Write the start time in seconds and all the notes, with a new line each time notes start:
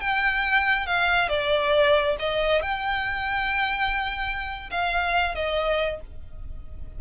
0.00 G5
0.86 F5
1.29 D5
2.19 D#5
2.62 G5
4.70 F5
5.35 D#5